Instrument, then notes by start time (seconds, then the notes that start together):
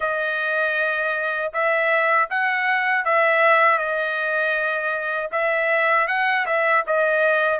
trumpet
0.00 D#5
1.53 E5
2.30 F#5
3.04 E5
3.78 D#5
5.31 E5
6.07 F#5
6.46 E5
6.87 D#5